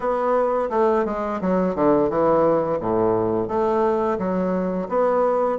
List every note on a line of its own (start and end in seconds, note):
0.00 0.69 B3
0.70 1.05 A3
1.05 1.40 G#3
1.41 1.75 F#3
1.75 2.09 D3
2.09 2.79 E3
2.80 3.48 A2
3.48 4.17 A3
4.18 4.88 F#3
4.88 5.58 B3